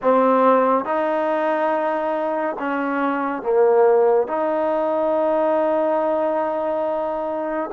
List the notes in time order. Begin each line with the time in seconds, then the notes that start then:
0.02 C4
0.85 D#4
2.59 C#4
3.42 A#3
4.27 D#4